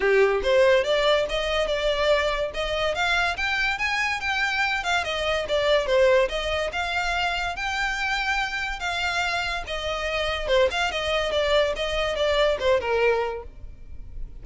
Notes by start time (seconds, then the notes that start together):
0.00 G4
0.43 C5
0.84 D5
1.29 D#5
1.67 D5
2.54 D#5
2.94 F5
3.36 G5
3.78 G#5
4.20 G5
4.83 F5
5.03 D#5
5.48 D5
5.86 C5
6.28 D#5
6.72 F5
7.56 G5
8.79 F5
9.66 D#5
10.47 C5
10.71 F5
10.91 D#5
11.31 D5
11.76 D#5
12.15 D5
12.59 C5
12.80 A#4